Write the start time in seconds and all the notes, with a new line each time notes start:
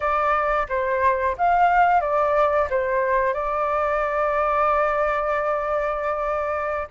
0.00 D5
0.68 C5
1.37 F5
2.00 D5
2.70 C5
3.33 D5